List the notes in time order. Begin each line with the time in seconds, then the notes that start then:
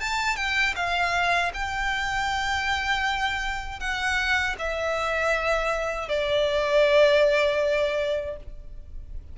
0.00 A5
0.36 G5
0.76 F5
1.54 G5
3.80 F#5
4.58 E5
6.09 D5